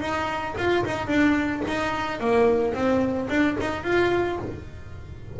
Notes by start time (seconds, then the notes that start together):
0.00 D#4
0.58 F4
0.85 D#4
1.07 D4
1.68 D#4
2.20 A#3
2.74 C4
3.30 D4
3.60 D#4
3.83 F4